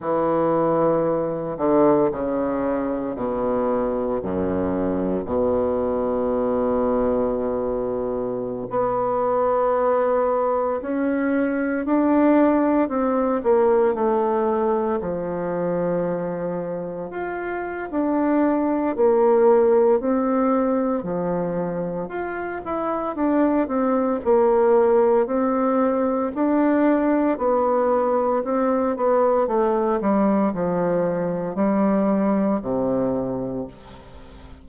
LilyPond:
\new Staff \with { instrumentName = "bassoon" } { \time 4/4 \tempo 4 = 57 e4. d8 cis4 b,4 | fis,4 b,2.~ | b,16 b2 cis'4 d'8.~ | d'16 c'8 ais8 a4 f4.~ f16~ |
f16 f'8. d'4 ais4 c'4 | f4 f'8 e'8 d'8 c'8 ais4 | c'4 d'4 b4 c'8 b8 | a8 g8 f4 g4 c4 | }